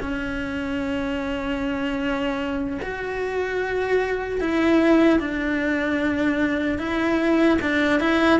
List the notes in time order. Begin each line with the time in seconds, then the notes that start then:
0.00 C#4
2.82 F#4
4.40 E4
5.19 D4
6.78 E4
7.61 D4
8.00 E4